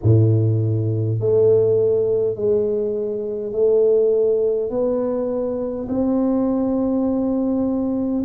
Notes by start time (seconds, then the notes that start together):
0.02 A2
1.20 A3
2.35 G#3
3.52 A3
4.70 B3
5.88 C4